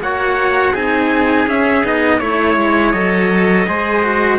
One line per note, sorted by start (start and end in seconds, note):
0.00 0.73 A#3
0.00 0.75 F#4
0.00 0.73 C#5
0.00 0.75 F#5
0.73 1.47 C4
0.73 1.48 D#4
0.73 2.19 G#4
0.73 1.49 G#5
1.47 1.84 C#4
1.47 1.86 E5
1.84 2.21 B3
1.84 2.20 D#4
1.84 2.20 D#5
2.20 2.57 A3
2.20 2.94 E4
2.20 2.92 C#5
2.20 3.67 C#5
2.57 2.94 G#3
2.92 3.67 F#3
2.92 3.67 A4
2.92 4.38 D#5
3.67 4.39 G#3
3.67 4.04 G#4
3.67 4.39 C5
4.04 4.39 F#4